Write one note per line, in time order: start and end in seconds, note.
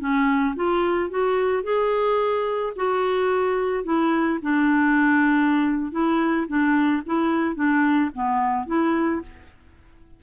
0.00 0.55 C#4
0.56 1.10 F4
1.10 1.63 F#4
1.63 2.73 G#4
2.76 3.84 F#4
3.84 4.39 E4
4.42 5.92 D4
5.92 6.47 E4
6.48 7.03 D4
7.06 7.55 E4
7.55 8.10 D4
8.14 8.66 B3
8.66 9.22 E4